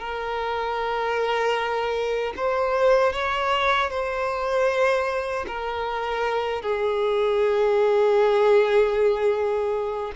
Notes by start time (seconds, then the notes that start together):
0.00 A#4
2.36 C5
3.13 C#5
3.90 C5
5.47 A#4
6.62 G#4